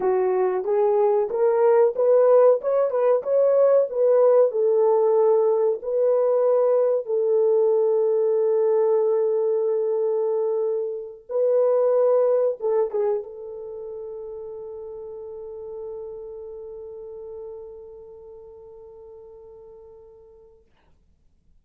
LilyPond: \new Staff \with { instrumentName = "horn" } { \time 4/4 \tempo 4 = 93 fis'4 gis'4 ais'4 b'4 | cis''8 b'8 cis''4 b'4 a'4~ | a'4 b'2 a'4~ | a'1~ |
a'4. b'2 a'8 | gis'8 a'2.~ a'8~ | a'1~ | a'1 | }